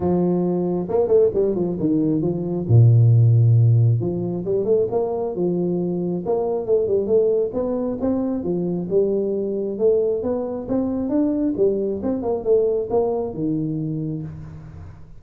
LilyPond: \new Staff \with { instrumentName = "tuba" } { \time 4/4 \tempo 4 = 135 f2 ais8 a8 g8 f8 | dis4 f4 ais,2~ | ais,4 f4 g8 a8 ais4 | f2 ais4 a8 g8 |
a4 b4 c'4 f4 | g2 a4 b4 | c'4 d'4 g4 c'8 ais8 | a4 ais4 dis2 | }